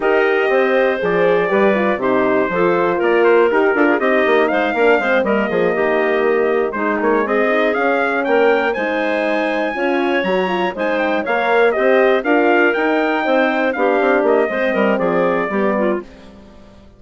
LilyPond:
<<
  \new Staff \with { instrumentName = "trumpet" } { \time 4/4 \tempo 4 = 120 dis''2 d''2 | c''2 d''8 c''8 ais'4 | dis''4 f''4. dis''4.~ | dis''4. c''8 cis''8 dis''4 f''8~ |
f''8 g''4 gis''2~ gis''8~ | gis''8 ais''4 gis''8 g''8 f''4 dis''8~ | dis''8 f''4 g''2 f''8~ | f''8 dis''4. d''2 | }
  \new Staff \with { instrumentName = "clarinet" } { \time 4/4 ais'4 c''2 b'4 | g'4 a'4 ais'4. a'16 gis'16 | g'4 c''8 ais'8 c''8 ais'8 gis'8 g'8~ | g'4. dis'4 gis'4.~ |
gis'8 ais'4 c''2 cis''8~ | cis''4. c''4 cis''4 c''8~ | c''8 ais'2 c''4 g'8~ | g'4 c''8 ais'8 gis'4 g'8 f'8 | }
  \new Staff \with { instrumentName = "horn" } { \time 4/4 g'2 gis'4 g'8 f'8 | dis'4 f'2 g'8 f'8 | dis'4. d'8 c'8 ais4.~ | ais4. gis4. dis'8 cis'8~ |
cis'4. dis'2 f'8~ | f'8 fis'8 f'8 dis'4 ais'4 g'8~ | g'8 f'4 dis'2 d'8~ | d'4 c'2 b4 | }
  \new Staff \with { instrumentName = "bassoon" } { \time 4/4 dis'4 c'4 f4 g4 | c4 f4 ais4 dis'8 d'8 | c'8 ais8 gis8 ais8 gis8 g8 f8 dis8~ | dis4. gis8 ais8 c'4 cis'8~ |
cis'8 ais4 gis2 cis'8~ | cis'8 fis4 gis4 ais4 c'8~ | c'8 d'4 dis'4 c'4 b8 | c'8 ais8 gis8 g8 f4 g4 | }
>>